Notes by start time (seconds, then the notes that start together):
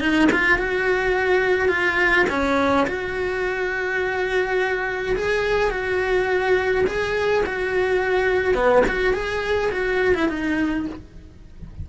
0.00 D#4
0.32 F4
0.58 F#4
1.68 F4
2.29 C#4
2.87 F#4
5.16 G#4
5.70 F#4
6.86 G#4
7.46 F#4
8.54 B3
8.88 F#4
9.14 G#4
9.71 F#4
10.14 E4
10.29 D#4